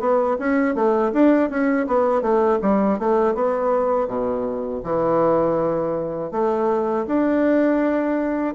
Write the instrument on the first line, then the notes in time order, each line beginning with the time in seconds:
bassoon
0.00 B3
0.39 C#4
0.75 A3
1.13 D4
1.50 C#4
1.87 B3
2.22 A3
2.62 G3
2.99 A3
3.35 B3
4.08 B2
4.84 E3
6.32 A3
7.07 D4